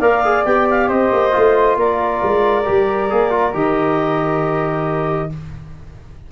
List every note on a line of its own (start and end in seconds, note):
0.00 0.44 A#3
0.00 0.25 A#4
0.00 0.89 D5
0.00 0.45 F5
0.25 0.46 G#4
0.45 0.89 B3
0.45 1.32 G4
0.45 0.67 G5
0.70 0.89 F5
0.89 1.11 C4
0.89 1.77 C5
0.89 1.78 D#5
1.13 1.35 A#3
1.32 1.77 A3
1.32 2.64 F4
1.77 2.21 A#3
1.77 5.32 A#4
1.77 3.56 D5
2.23 2.67 G#3
2.65 3.12 G3
2.65 3.09 G4
3.10 3.54 A#3
3.10 3.31 G#4
3.31 3.53 F4
3.54 5.31 D#3
3.54 5.30 G4
3.54 5.32 D#5